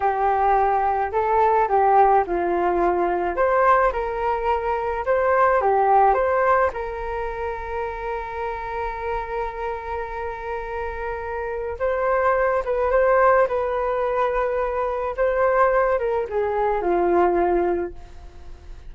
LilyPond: \new Staff \with { instrumentName = "flute" } { \time 4/4 \tempo 4 = 107 g'2 a'4 g'4 | f'2 c''4 ais'4~ | ais'4 c''4 g'4 c''4 | ais'1~ |
ais'1~ | ais'4 c''4. b'8 c''4 | b'2. c''4~ | c''8 ais'8 gis'4 f'2 | }